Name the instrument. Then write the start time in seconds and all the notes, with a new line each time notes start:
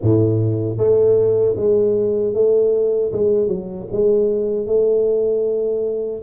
tuba
0.02 A2
0.77 A3
1.56 G#3
2.34 A3
3.12 G#3
3.47 F#3
3.92 G#3
4.66 A3